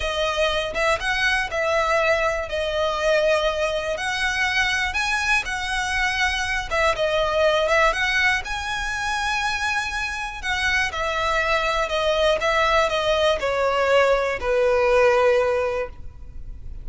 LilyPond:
\new Staff \with { instrumentName = "violin" } { \time 4/4 \tempo 4 = 121 dis''4. e''8 fis''4 e''4~ | e''4 dis''2. | fis''2 gis''4 fis''4~ | fis''4. e''8 dis''4. e''8 |
fis''4 gis''2.~ | gis''4 fis''4 e''2 | dis''4 e''4 dis''4 cis''4~ | cis''4 b'2. | }